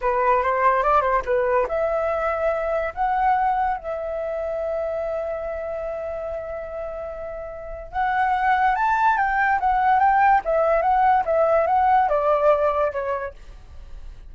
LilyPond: \new Staff \with { instrumentName = "flute" } { \time 4/4 \tempo 4 = 144 b'4 c''4 d''8 c''8 b'4 | e''2. fis''4~ | fis''4 e''2.~ | e''1~ |
e''2. fis''4~ | fis''4 a''4 g''4 fis''4 | g''4 e''4 fis''4 e''4 | fis''4 d''2 cis''4 | }